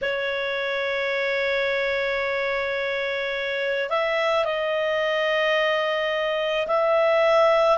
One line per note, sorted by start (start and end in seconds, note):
0.02 3.89 C#5
3.89 4.44 E5
4.44 6.67 D#5
6.67 7.77 E5